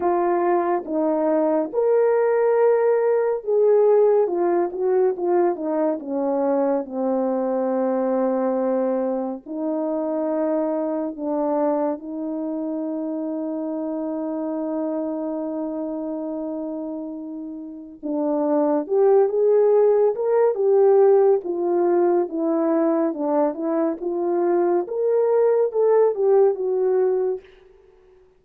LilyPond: \new Staff \with { instrumentName = "horn" } { \time 4/4 \tempo 4 = 70 f'4 dis'4 ais'2 | gis'4 f'8 fis'8 f'8 dis'8 cis'4 | c'2. dis'4~ | dis'4 d'4 dis'2~ |
dis'1~ | dis'4 d'4 g'8 gis'4 ais'8 | g'4 f'4 e'4 d'8 e'8 | f'4 ais'4 a'8 g'8 fis'4 | }